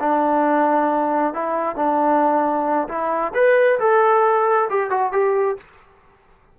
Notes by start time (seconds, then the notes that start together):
0.00 D4
1.34 E4
1.76 D4
2.89 E4
3.35 B4
3.79 A4
4.70 G4
4.90 F#4
5.12 G4